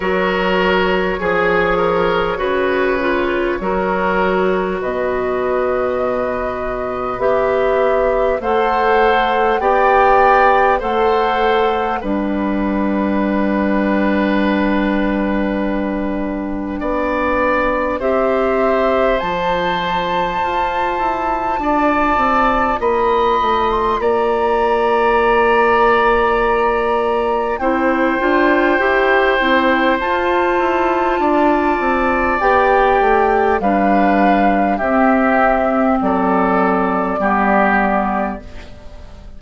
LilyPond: <<
  \new Staff \with { instrumentName = "flute" } { \time 4/4 \tempo 4 = 50 cis''1 | dis''2 e''4 fis''4 | g''4 fis''4 g''2~ | g''2. e''4 |
a''2. b''8. c'''16 | ais''2. g''4~ | g''4 a''2 g''4 | f''4 e''4 d''2 | }
  \new Staff \with { instrumentName = "oboe" } { \time 4/4 ais'4 gis'8 ais'8 b'4 ais'4 | b'2. c''4 | d''4 c''4 b'2~ | b'2 d''4 c''4~ |
c''2 d''4 dis''4 | d''2. c''4~ | c''2 d''2 | b'4 g'4 a'4 g'4 | }
  \new Staff \with { instrumentName = "clarinet" } { \time 4/4 fis'4 gis'4 fis'8 f'8 fis'4~ | fis'2 g'4 a'4 | g'4 a'4 d'2~ | d'2. g'4 |
f'1~ | f'2. e'8 f'8 | g'8 e'8 f'2 g'4 | d'4 c'2 b4 | }
  \new Staff \with { instrumentName = "bassoon" } { \time 4/4 fis4 f4 cis4 fis4 | b,2 b4 a4 | b4 a4 g2~ | g2 b4 c'4 |
f4 f'8 e'8 d'8 c'8 ais8 a8 | ais2. c'8 d'8 | e'8 c'8 f'8 e'8 d'8 c'8 b8 a8 | g4 c'4 fis4 g4 | }
>>